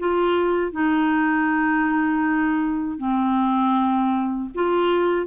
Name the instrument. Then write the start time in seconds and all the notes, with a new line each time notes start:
clarinet
0.00 F4
0.72 D#4
2.98 C4
4.55 F4